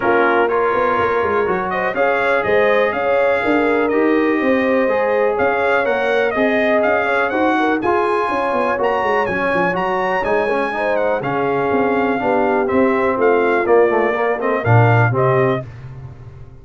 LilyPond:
<<
  \new Staff \with { instrumentName = "trumpet" } { \time 4/4 \tempo 4 = 123 ais'4 cis''2~ cis''8 dis''8 | f''4 dis''4 f''2 | dis''2. f''4 | fis''4 dis''4 f''4 fis''4 |
gis''2 ais''4 gis''4 | ais''4 gis''4. fis''8 f''4~ | f''2 e''4 f''4 | d''4. dis''8 f''4 dis''4 | }
  \new Staff \with { instrumentName = "horn" } { \time 4/4 f'4 ais'2~ ais'8 c''8 | cis''4 c''4 cis''4 ais'4~ | ais'4 c''2 cis''4~ | cis''4 dis''4. cis''8 c''8 ais'8 |
gis'4 cis''2.~ | cis''2 c''4 gis'4~ | gis'4 g'2 f'4~ | f'4 ais'8 a'8 ais'4 g'4 | }
  \new Staff \with { instrumentName = "trombone" } { \time 4/4 cis'4 f'2 fis'4 | gis'1 | g'2 gis'2 | ais'4 gis'2 fis'4 |
f'2 fis'4 cis'4 | fis'4 dis'8 cis'8 dis'4 cis'4~ | cis'4 d'4 c'2 | ais8 a8 ais8 c'8 d'4 c'4 | }
  \new Staff \with { instrumentName = "tuba" } { \time 4/4 ais4. b8 ais8 gis8 fis4 | cis'4 gis4 cis'4 d'4 | dis'4 c'4 gis4 cis'4 | ais4 c'4 cis'4 dis'4 |
f'4 cis'8 b8 ais8 gis8 fis8 f8 | fis4 gis2 cis4 | c'4 b4 c'4 a4 | ais2 ais,4 c4 | }
>>